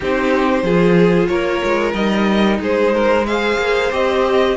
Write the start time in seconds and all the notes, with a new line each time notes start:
0.00 C4 D#4 G4 C5
0.62 F3 F4 G#4
1.26 A#3 A#4 C#5
1.64 G#3
1.93 G3 D#4 D#5
2.59 G#3 G#4 C5
2.94 A#4
3.26 G#4 C5 F5
3.57 A#3
3.91 C4 G4 D#5